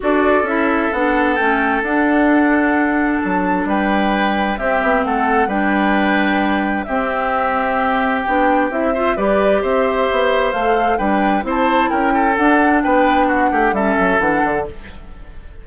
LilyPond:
<<
  \new Staff \with { instrumentName = "flute" } { \time 4/4 \tempo 4 = 131 d''4 e''4 fis''4 g''4 | fis''2. a''4 | g''2 e''4 fis''4 | g''2. e''4~ |
e''2 g''4 e''4 | d''4 e''2 f''4 | g''4 a''4 g''4 fis''4 | g''4 fis''4 e''4 fis''4 | }
  \new Staff \with { instrumentName = "oboe" } { \time 4/4 a'1~ | a'1 | b'2 g'4 a'4 | b'2. g'4~ |
g'2.~ g'8 c''8 | b'4 c''2. | b'4 c''4 ais'8 a'4. | b'4 fis'8 g'8 a'2 | }
  \new Staff \with { instrumentName = "clarinet" } { \time 4/4 fis'4 e'4 d'4 cis'4 | d'1~ | d'2 c'2 | d'2. c'4~ |
c'2 d'4 e'8 f'8 | g'2. a'4 | d'4 e'2 d'4~ | d'2 cis'4 d'4 | }
  \new Staff \with { instrumentName = "bassoon" } { \time 4/4 d'4 cis'4 b4 a4 | d'2. fis4 | g2 c'8 b8 a4 | g2. c'4~ |
c'2 b4 c'4 | g4 c'4 b4 a4 | g4 c'4 cis'4 d'4 | b4. a8 g8 fis8 e8 d8 | }
>>